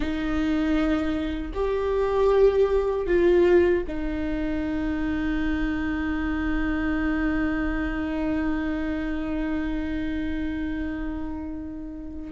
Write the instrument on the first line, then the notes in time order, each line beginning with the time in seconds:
viola
0.00 D#4
1.54 G4
3.07 F4
3.87 D#4